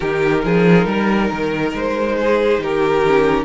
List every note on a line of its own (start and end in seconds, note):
0.00 0.44 D#3
0.00 3.06 D#4
0.00 0.41 G4
0.00 1.74 A#4
0.44 0.85 F3
0.44 0.87 G#4
0.85 1.29 G3
0.85 2.17 A#4
1.31 1.73 D#3
1.73 2.58 G#3
1.73 2.62 C5
2.20 2.62 G#4
2.58 3.45 D#3
2.58 3.45 G4
2.58 3.45 A#4
3.06 3.45 C#4